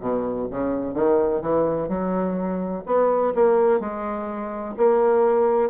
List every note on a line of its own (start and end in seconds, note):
0.00 0.48 B2
0.50 0.94 C#3
0.94 1.42 D#3
1.42 1.88 E3
1.88 2.84 F#3
2.86 3.33 B3
3.35 3.80 A#3
3.80 4.75 G#3
4.77 5.70 A#3